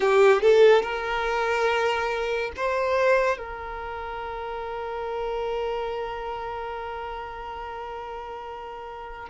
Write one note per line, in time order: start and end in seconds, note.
0.00 0.41 G4
0.41 0.82 A4
0.82 2.51 A#4
2.56 3.37 C5
3.37 9.29 A#4